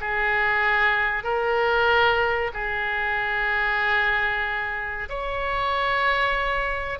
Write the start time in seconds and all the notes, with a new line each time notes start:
0.00 G#4
1.23 A#4
2.53 G#4
5.09 C#5